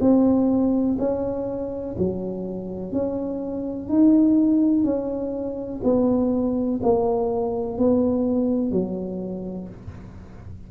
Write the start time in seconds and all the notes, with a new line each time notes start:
0.00 C4
0.99 C#4
1.98 F#3
2.92 C#4
3.88 D#4
4.84 C#4
5.84 B3
6.83 A#3
7.78 B3
8.72 F#3